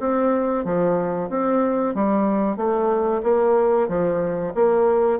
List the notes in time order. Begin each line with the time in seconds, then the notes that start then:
0.00 C4
0.65 F3
1.30 C4
1.95 G3
2.57 A3
3.23 A#3
3.89 F3
4.55 A#3